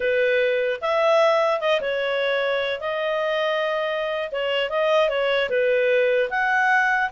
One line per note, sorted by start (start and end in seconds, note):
0.00 0.80 B4
0.81 1.60 E5
1.60 1.80 D#5
1.80 2.80 C#5
2.80 4.30 D#5
4.31 4.69 C#5
4.69 5.09 D#5
5.09 5.49 C#5
5.49 6.29 B4
6.29 7.09 F#5